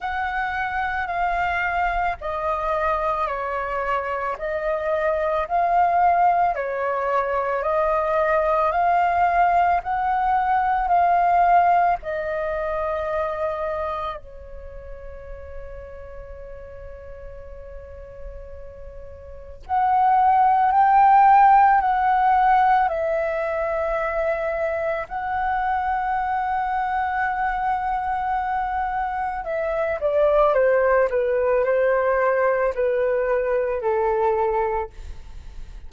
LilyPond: \new Staff \with { instrumentName = "flute" } { \time 4/4 \tempo 4 = 55 fis''4 f''4 dis''4 cis''4 | dis''4 f''4 cis''4 dis''4 | f''4 fis''4 f''4 dis''4~ | dis''4 cis''2.~ |
cis''2 fis''4 g''4 | fis''4 e''2 fis''4~ | fis''2. e''8 d''8 | c''8 b'8 c''4 b'4 a'4 | }